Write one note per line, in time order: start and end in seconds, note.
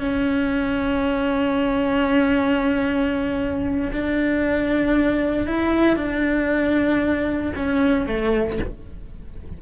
0.00 3.91 C#4
3.92 5.47 D4
5.47 5.96 E4
5.96 7.52 D4
7.56 8.06 C#4
8.06 8.58 A3